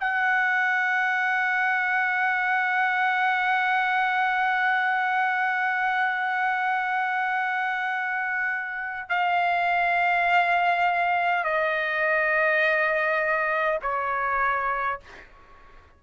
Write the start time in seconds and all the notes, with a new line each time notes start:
0.00 F#5
9.09 F5
11.44 D#5
13.82 C#5